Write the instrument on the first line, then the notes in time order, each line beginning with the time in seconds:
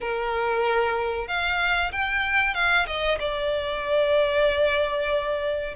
violin
0.00 A#4
1.27 F5
1.92 G5
2.54 F5
2.86 D#5
3.19 D5